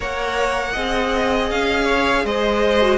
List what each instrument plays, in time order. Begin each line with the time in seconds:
0.00 cello A#3, viola A#4, violin C#5 F#5
0.72 cello C4, viola G#4, violin D#5
1.50 cello C#4, violin F5
1.85 violin C#5
2.24 cello G#3, violin C5 D#5
2.81 viola F#4